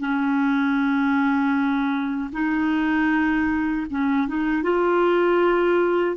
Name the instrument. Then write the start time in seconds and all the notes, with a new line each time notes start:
clarinet
0.00 C#4
2.33 D#4
3.90 C#4
4.28 D#4
4.63 F4